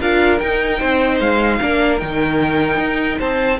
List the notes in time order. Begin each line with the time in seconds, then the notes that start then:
0.00 D4 F4 A#4 F5
0.39 D#4 G5
0.78 C4 C5
1.20 G#3 F5
1.61 A#3 D4 A#4
1.98 D#3 D#4 G5
2.77 D#4
3.18 C4 C5 A5